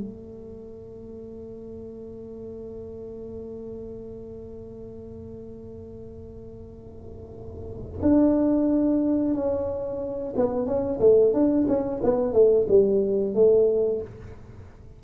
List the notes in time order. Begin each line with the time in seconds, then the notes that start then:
0.00 A3
8.02 D4
9.35 C#4
10.36 B3
10.67 C#4
11.00 A3
11.34 D4
11.68 C#4
12.03 B3
12.33 A3
12.69 G3
13.35 A3